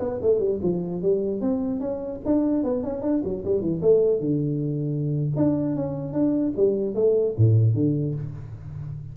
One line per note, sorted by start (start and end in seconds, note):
0.00 0.20 B3
0.22 0.40 A3
0.40 0.60 G3
0.63 1.03 F3
1.03 1.41 G3
1.41 1.80 C4
1.80 2.21 C#4
2.26 2.64 D4
2.64 2.84 B3
2.84 3.02 C#4
3.02 3.23 D4
3.24 3.44 F#3
3.45 3.61 G3
3.61 3.81 E3
3.82 4.21 A3
4.21 5.31 D3
5.37 5.76 D4
5.76 6.13 C#4
6.13 6.53 D4
6.57 6.95 G3
6.95 7.35 A3
7.38 7.75 A2
7.75 8.15 D3